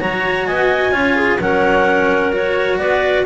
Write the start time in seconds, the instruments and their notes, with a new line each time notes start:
0.00 double bass F#3, cello F#4, clarinet C#5 A#5
0.46 double bass B3, clarinet D#5 G#5
0.91 double bass C#4, cello F4, clarinet C#5
1.16 clarinet G#4
1.39 double bass F#3, cello C#4, clarinet A#4 F#5
2.32 cello F#4, clarinet C#5
2.78 double bass B3, clarinet B4 D5